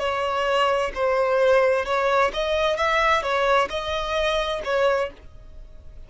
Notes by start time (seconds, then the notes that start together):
0.00 C#5
0.95 C5
1.86 C#5
2.34 D#5
2.77 E5
3.23 C#5
3.70 D#5
4.65 C#5